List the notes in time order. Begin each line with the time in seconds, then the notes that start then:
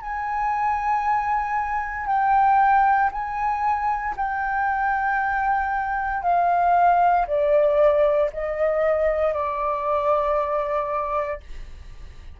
0.00 G#5
2.06 G5
3.11 G#5
4.16 G5
6.22 F5
7.26 D5
8.33 D#5
9.33 D5